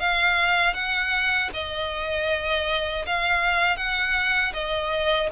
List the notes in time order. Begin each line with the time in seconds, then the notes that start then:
0.00 F5
0.74 F#5
1.54 D#5
3.07 F5
3.77 F#5
4.54 D#5